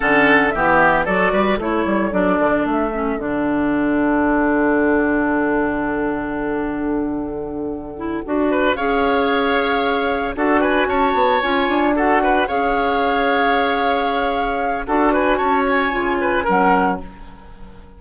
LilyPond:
<<
  \new Staff \with { instrumentName = "flute" } { \time 4/4 \tempo 4 = 113 fis''4 e''4 d''4 cis''4 | d''4 e''4 fis''2~ | fis''1~ | fis''1~ |
fis''8 f''2. fis''8 | gis''8 a''4 gis''4 fis''4 f''8~ | f''1 | fis''8 gis''8 a''8 gis''4. fis''4 | }
  \new Staff \with { instrumentName = "oboe" } { \time 4/4 a'4 g'4 a'8 b'8 a'4~ | a'1~ | a'1~ | a'1 |
b'8 cis''2. a'8 | b'8 cis''2 a'8 b'8 cis''8~ | cis''1 | a'8 b'8 cis''4. b'8 ais'4 | }
  \new Staff \with { instrumentName = "clarinet" } { \time 4/4 cis'4 b4 fis'4 e'4 | d'4. cis'8 d'2~ | d'1~ | d'2. e'8 fis'8~ |
fis'8 gis'2. fis'8~ | fis'4. f'4 fis'4 gis'8~ | gis'1 | fis'2 f'4 cis'4 | }
  \new Staff \with { instrumentName = "bassoon" } { \time 4/4 d4 e4 fis8 g8 a8 g8 | fis8 d8 a4 d2~ | d1~ | d2.~ d8 d'8~ |
d'8 cis'2. d'8~ | d'8 cis'8 b8 cis'8 d'4. cis'8~ | cis'1 | d'4 cis'4 cis4 fis4 | }
>>